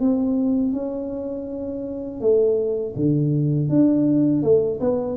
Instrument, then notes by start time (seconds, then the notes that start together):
tuba
0.00 C4
0.73 C#4
2.21 A3
2.96 D3
3.69 D4
4.43 A3
4.80 B3